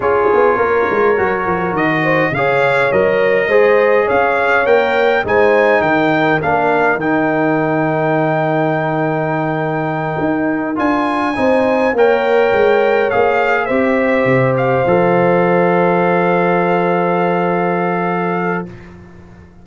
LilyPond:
<<
  \new Staff \with { instrumentName = "trumpet" } { \time 4/4 \tempo 4 = 103 cis''2. dis''4 | f''4 dis''2 f''4 | g''4 gis''4 g''4 f''4 | g''1~ |
g''2~ g''8 gis''4.~ | gis''8 g''2 f''4 e''8~ | e''4 f''2.~ | f''1 | }
  \new Staff \with { instrumentName = "horn" } { \time 4/4 gis'4 ais'2~ ais'8 c''8 | cis''2 c''4 cis''4~ | cis''4 c''4 ais'2~ | ais'1~ |
ais'2.~ ais'8 c''8~ | c''8 cis''2. c''8~ | c''1~ | c''1 | }
  \new Staff \with { instrumentName = "trombone" } { \time 4/4 f'2 fis'2 | gis'4 ais'4 gis'2 | ais'4 dis'2 d'4 | dis'1~ |
dis'2~ dis'8 f'4 dis'8~ | dis'8 ais'2 gis'4 g'8~ | g'4. a'2~ a'8~ | a'1 | }
  \new Staff \with { instrumentName = "tuba" } { \time 4/4 cis'8 b8 ais8 gis8 fis8 f8 dis4 | cis4 fis4 gis4 cis'4 | ais4 gis4 dis4 ais4 | dis1~ |
dis4. dis'4 d'4 c'8~ | c'8 ais4 gis4 ais4 c'8~ | c'8 c4 f2~ f8~ | f1 | }
>>